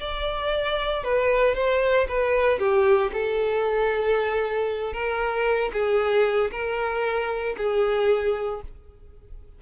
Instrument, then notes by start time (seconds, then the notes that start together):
violin
0.00 D5
1.04 B4
1.55 C5
2.09 B4
2.59 G4
3.13 A4
4.94 A#4
5.73 G#4
6.52 A#4
7.58 G#4